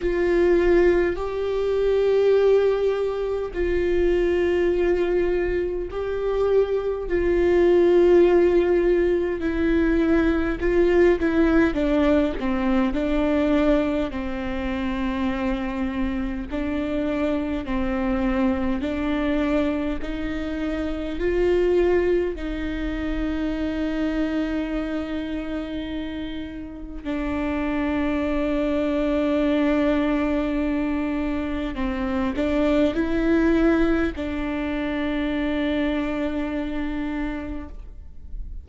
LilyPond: \new Staff \with { instrumentName = "viola" } { \time 4/4 \tempo 4 = 51 f'4 g'2 f'4~ | f'4 g'4 f'2 | e'4 f'8 e'8 d'8 c'8 d'4 | c'2 d'4 c'4 |
d'4 dis'4 f'4 dis'4~ | dis'2. d'4~ | d'2. c'8 d'8 | e'4 d'2. | }